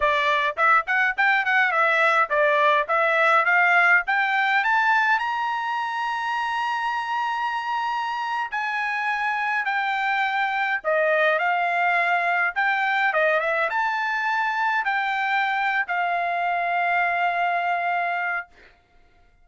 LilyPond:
\new Staff \with { instrumentName = "trumpet" } { \time 4/4 \tempo 4 = 104 d''4 e''8 fis''8 g''8 fis''8 e''4 | d''4 e''4 f''4 g''4 | a''4 ais''2.~ | ais''2~ ais''8. gis''4~ gis''16~ |
gis''8. g''2 dis''4 f''16~ | f''4.~ f''16 g''4 dis''8 e''8 a''16~ | a''4.~ a''16 g''4.~ g''16 f''8~ | f''1 | }